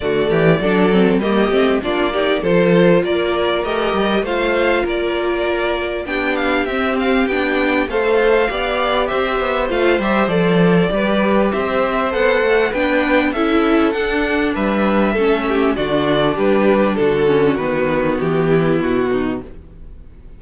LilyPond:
<<
  \new Staff \with { instrumentName = "violin" } { \time 4/4 \tempo 4 = 99 d''2 dis''4 d''4 | c''4 d''4 dis''4 f''4 | d''2 g''8 f''8 e''8 f''8 | g''4 f''2 e''4 |
f''8 e''8 d''2 e''4 | fis''4 g''4 e''4 fis''4 | e''2 d''4 b'4 | a'4 b'4 g'4 fis'4 | }
  \new Staff \with { instrumentName = "violin" } { \time 4/4 fis'8 g'8 a'4 g'4 f'8 g'8 | a'4 ais'2 c''4 | ais'2 g'2~ | g'4 c''4 d''4 c''4~ |
c''2 b'4 c''4~ | c''4 b'4 a'2 | b'4 a'8 g'8 fis'4 g'4 | fis'2~ fis'8 e'4 dis'8 | }
  \new Staff \with { instrumentName = "viola" } { \time 4/4 a4 d'8 c'8 ais8 c'8 d'8 dis'8 | f'2 g'4 f'4~ | f'2 d'4 c'4 | d'4 a'4 g'2 |
f'8 g'8 a'4 g'2 | a'4 d'4 e'4 d'4~ | d'4 cis'4 d'2~ | d'8 cis'8 b2. | }
  \new Staff \with { instrumentName = "cello" } { \time 4/4 d8 e8 fis4 g8 a8 ais4 | f4 ais4 a8 g8 a4 | ais2 b4 c'4 | b4 a4 b4 c'8 b8 |
a8 g8 f4 g4 c'4 | b8 a8 b4 cis'4 d'4 | g4 a4 d4 g4 | d4 dis4 e4 b,4 | }
>>